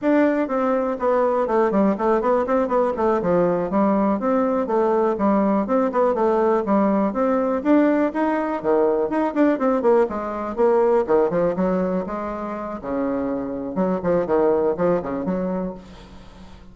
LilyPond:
\new Staff \with { instrumentName = "bassoon" } { \time 4/4 \tempo 4 = 122 d'4 c'4 b4 a8 g8 | a8 b8 c'8 b8 a8 f4 g8~ | g8 c'4 a4 g4 c'8 | b8 a4 g4 c'4 d'8~ |
d'8 dis'4 dis4 dis'8 d'8 c'8 | ais8 gis4 ais4 dis8 f8 fis8~ | fis8 gis4. cis2 | fis8 f8 dis4 f8 cis8 fis4 | }